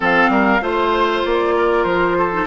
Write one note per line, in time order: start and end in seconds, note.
0.00 0.29 F3
0.00 0.60 C4
0.00 0.31 A4
0.00 0.64 F5
0.29 0.60 G3
0.29 0.62 A#4
0.60 1.23 A3
0.60 2.30 F4
0.60 1.54 C5
0.60 1.25 C5
1.25 1.84 A#3
1.25 1.83 D5
1.56 2.17 A#4
1.83 2.46 F3
1.83 2.45 C5
2.17 2.46 A4
2.31 2.46 D#4